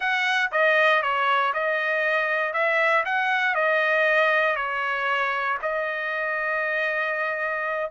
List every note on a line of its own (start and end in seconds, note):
0.00 0.51 F#5
0.51 1.02 D#5
1.02 1.53 C#5
1.53 2.53 D#5
2.53 3.03 E5
3.05 3.55 F#5
3.55 4.56 D#5
4.56 5.57 C#5
5.62 7.90 D#5